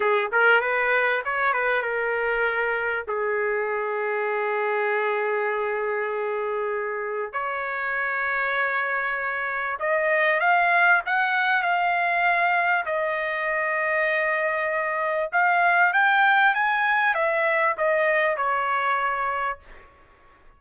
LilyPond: \new Staff \with { instrumentName = "trumpet" } { \time 4/4 \tempo 4 = 98 gis'8 ais'8 b'4 cis''8 b'8 ais'4~ | ais'4 gis'2.~ | gis'1 | cis''1 |
dis''4 f''4 fis''4 f''4~ | f''4 dis''2.~ | dis''4 f''4 g''4 gis''4 | e''4 dis''4 cis''2 | }